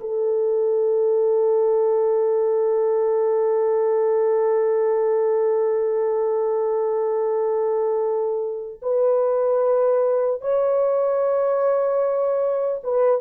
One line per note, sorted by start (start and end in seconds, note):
0.00 8.80 A4
8.82 10.41 B4
10.41 12.81 C#5
12.83 13.21 B4